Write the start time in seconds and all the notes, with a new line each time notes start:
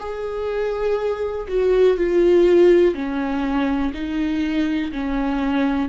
0.00 G#4
1.48 F#4
1.98 F4
2.95 C#4
3.94 D#4
4.93 C#4